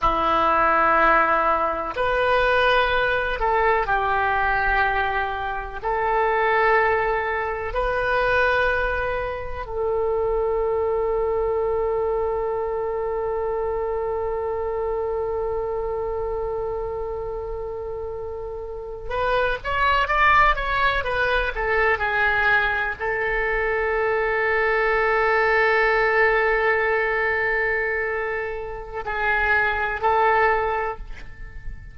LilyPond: \new Staff \with { instrumentName = "oboe" } { \time 4/4 \tempo 4 = 62 e'2 b'4. a'8 | g'2 a'2 | b'2 a'2~ | a'1~ |
a'2.~ a'8. b'16~ | b'16 cis''8 d''8 cis''8 b'8 a'8 gis'4 a'16~ | a'1~ | a'2 gis'4 a'4 | }